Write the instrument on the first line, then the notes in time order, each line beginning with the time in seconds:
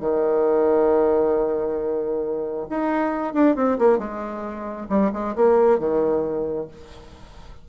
bassoon
0.00 D#3
2.70 D#4
3.34 D4
3.56 C4
3.78 A#3
3.99 G#3
4.89 G3
5.13 G#3
5.36 A#3
5.79 D#3